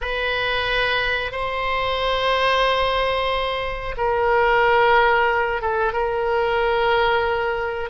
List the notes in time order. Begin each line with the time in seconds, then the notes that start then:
0.01 B4
1.31 C5
3.97 A#4
5.61 A4
5.92 A#4